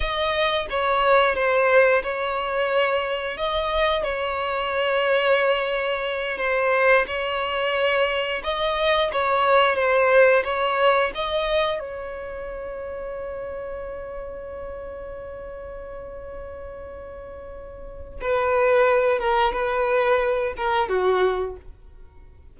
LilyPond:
\new Staff \with { instrumentName = "violin" } { \time 4/4 \tempo 4 = 89 dis''4 cis''4 c''4 cis''4~ | cis''4 dis''4 cis''2~ | cis''4. c''4 cis''4.~ | cis''8 dis''4 cis''4 c''4 cis''8~ |
cis''8 dis''4 cis''2~ cis''8~ | cis''1~ | cis''2. b'4~ | b'8 ais'8 b'4. ais'8 fis'4 | }